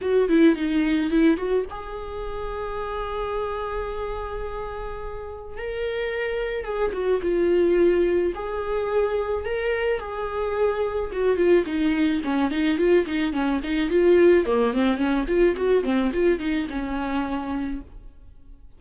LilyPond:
\new Staff \with { instrumentName = "viola" } { \time 4/4 \tempo 4 = 108 fis'8 e'8 dis'4 e'8 fis'8 gis'4~ | gis'1~ | gis'2 ais'2 | gis'8 fis'8 f'2 gis'4~ |
gis'4 ais'4 gis'2 | fis'8 f'8 dis'4 cis'8 dis'8 f'8 dis'8 | cis'8 dis'8 f'4 ais8 c'8 cis'8 f'8 | fis'8 c'8 f'8 dis'8 cis'2 | }